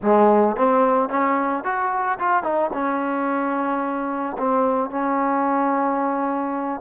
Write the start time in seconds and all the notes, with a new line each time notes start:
0.02 G#3
0.56 C4
1.09 C#4
1.64 F#4
2.19 F4
2.43 D#4
2.73 C#4
4.38 C4
4.90 C#4